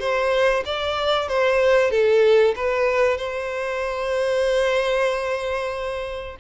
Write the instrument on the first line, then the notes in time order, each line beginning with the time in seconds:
violin
0.00 C5
0.66 D5
1.29 C5
1.91 A4
2.56 B4
3.18 C5